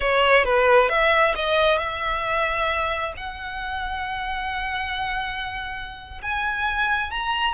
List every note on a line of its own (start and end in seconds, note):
0.00 0.44 C#5
0.44 0.89 B4
0.89 1.34 E5
1.35 1.77 D#5
1.77 3.13 E5
3.16 6.21 F#5
6.21 7.11 G#5
7.11 7.53 A#5